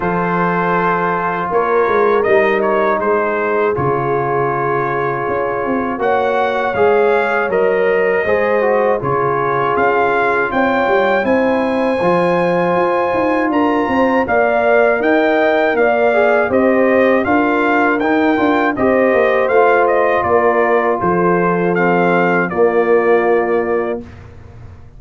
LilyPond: <<
  \new Staff \with { instrumentName = "trumpet" } { \time 4/4 \tempo 4 = 80 c''2 cis''4 dis''8 cis''8 | c''4 cis''2. | fis''4 f''4 dis''2 | cis''4 f''4 g''4 gis''4~ |
gis''2 ais''4 f''4 | g''4 f''4 dis''4 f''4 | g''4 dis''4 f''8 dis''8 d''4 | c''4 f''4 d''2 | }
  \new Staff \with { instrumentName = "horn" } { \time 4/4 a'2 ais'2 | gis'1 | cis''2. c''4 | gis'2 cis''4 c''4~ |
c''2 ais'8 c''8 d''4 | dis''4 d''4 c''4 ais'4~ | ais'4 c''2 ais'4 | a'2 f'2 | }
  \new Staff \with { instrumentName = "trombone" } { \time 4/4 f'2. dis'4~ | dis'4 f'2. | fis'4 gis'4 ais'4 gis'8 fis'8 | f'2. e'4 |
f'2. ais'4~ | ais'4. gis'8 g'4 f'4 | dis'8 f'8 g'4 f'2~ | f'4 c'4 ais2 | }
  \new Staff \with { instrumentName = "tuba" } { \time 4/4 f2 ais8 gis8 g4 | gis4 cis2 cis'8 c'8 | ais4 gis4 fis4 gis4 | cis4 cis'4 c'8 g8 c'4 |
f4 f'8 dis'8 d'8 c'8 ais4 | dis'4 ais4 c'4 d'4 | dis'8 d'8 c'8 ais8 a4 ais4 | f2 ais2 | }
>>